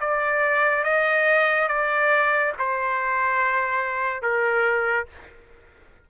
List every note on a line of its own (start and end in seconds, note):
0.00 0.84 D5
0.84 1.68 D#5
1.68 2.53 D5
2.58 4.22 C5
4.22 5.07 A#4